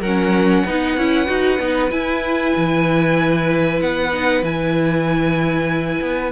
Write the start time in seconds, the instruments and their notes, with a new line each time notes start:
0.00 cello F#3, viola C#4, violin A#4 F#5
0.66 cello B3, viola D#4, violin B4
0.97 cello C#4, viola E4
1.26 cello D#4, viola F#4
1.59 cello B3, viola D#4
1.90 viola E4, cello E4, violin G#5
2.57 cello E3
3.81 cello B3, violin F#5
4.13 viola D#4
4.43 cello E3, viola E4, violin G#5
6.01 cello B3